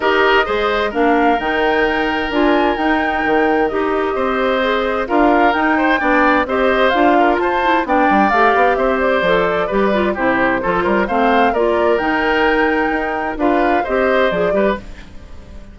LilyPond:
<<
  \new Staff \with { instrumentName = "flute" } { \time 4/4 \tempo 4 = 130 dis''2 f''4 g''4~ | g''4 gis''4 g''2 | dis''2. f''4 | g''2 dis''4 f''4 |
a''4 g''4 f''4 e''8 d''8~ | d''2 c''2 | f''4 d''4 g''2~ | g''4 f''4 dis''4 d''4 | }
  \new Staff \with { instrumentName = "oboe" } { \time 4/4 ais'4 c''4 ais'2~ | ais'1~ | ais'4 c''2 ais'4~ | ais'8 c''8 d''4 c''4. ais'8 |
c''4 d''2 c''4~ | c''4 b'4 g'4 a'8 ais'8 | c''4 ais'2.~ | ais'4 b'4 c''4. b'8 | }
  \new Staff \with { instrumentName = "clarinet" } { \time 4/4 g'4 gis'4 d'4 dis'4~ | dis'4 f'4 dis'2 | g'2 gis'4 f'4 | dis'4 d'4 g'4 f'4~ |
f'8 e'8 d'4 g'2 | a'4 g'8 f'8 e'4 f'4 | c'4 f'4 dis'2~ | dis'4 f'4 g'4 gis'8 g'8 | }
  \new Staff \with { instrumentName = "bassoon" } { \time 4/4 dis'4 gis4 ais4 dis4~ | dis4 d'4 dis'4 dis4 | dis'4 c'2 d'4 | dis'4 b4 c'4 d'4 |
f'4 b8 g8 a8 b8 c'4 | f4 g4 c4 f8 g8 | a4 ais4 dis2 | dis'4 d'4 c'4 f8 g8 | }
>>